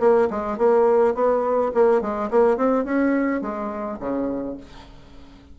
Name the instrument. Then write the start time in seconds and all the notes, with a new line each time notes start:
bassoon
0.00 A#3
0.31 G#3
0.58 A#3
1.15 B3
1.75 A#3
2.02 G#3
2.31 A#3
2.57 C4
2.85 C#4
3.42 G#3
4.00 C#3